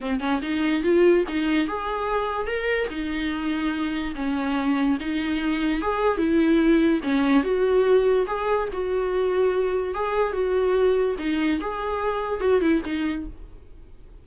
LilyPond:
\new Staff \with { instrumentName = "viola" } { \time 4/4 \tempo 4 = 145 c'8 cis'8 dis'4 f'4 dis'4 | gis'2 ais'4 dis'4~ | dis'2 cis'2 | dis'2 gis'4 e'4~ |
e'4 cis'4 fis'2 | gis'4 fis'2. | gis'4 fis'2 dis'4 | gis'2 fis'8 e'8 dis'4 | }